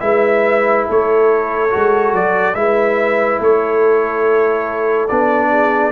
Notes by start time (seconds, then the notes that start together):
0.00 G#3 E4 B4 E5
0.86 A3 A4 C#5
1.70 G#3 F#4
2.13 F#3 D5
2.54 G#3 E4 B4 E5
3.40 A3 A4 C#5
5.08 B3 D4 D5
5.50 G#4